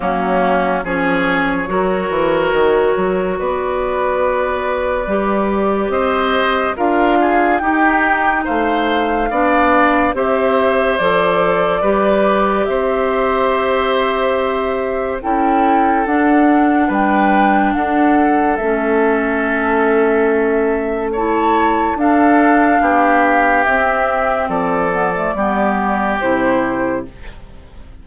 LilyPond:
<<
  \new Staff \with { instrumentName = "flute" } { \time 4/4 \tempo 4 = 71 fis'4 cis''2. | d''2. dis''4 | f''4 g''4 f''2 | e''4 d''2 e''4~ |
e''2 g''4 fis''4 | g''4 fis''4 e''2~ | e''4 a''4 f''2 | e''4 d''2 c''4 | }
  \new Staff \with { instrumentName = "oboe" } { \time 4/4 cis'4 gis'4 ais'2 | b'2. c''4 | ais'8 gis'8 g'4 c''4 d''4 | c''2 b'4 c''4~ |
c''2 a'2 | b'4 a'2.~ | a'4 cis''4 a'4 g'4~ | g'4 a'4 g'2 | }
  \new Staff \with { instrumentName = "clarinet" } { \time 4/4 ais4 cis'4 fis'2~ | fis'2 g'2 | f'4 dis'2 d'4 | g'4 a'4 g'2~ |
g'2 e'4 d'4~ | d'2 cis'2~ | cis'4 e'4 d'2 | c'4. b16 a16 b4 e'4 | }
  \new Staff \with { instrumentName = "bassoon" } { \time 4/4 fis4 f4 fis8 e8 dis8 fis8 | b2 g4 c'4 | d'4 dis'4 a4 b4 | c'4 f4 g4 c'4~ |
c'2 cis'4 d'4 | g4 d'4 a2~ | a2 d'4 b4 | c'4 f4 g4 c4 | }
>>